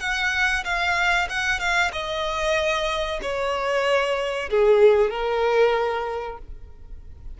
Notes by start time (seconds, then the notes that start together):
0.00 F#5
0.64 F5
1.29 F#5
1.59 F5
1.92 D#5
3.22 C#5
4.50 G#4
5.10 A#4